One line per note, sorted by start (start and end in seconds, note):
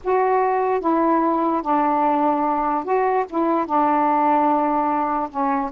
0.04 0.80 F#4
0.80 1.61 E4
1.62 2.84 D4
2.84 3.25 F#4
3.29 3.66 E4
3.66 5.29 D4
5.30 5.71 C#4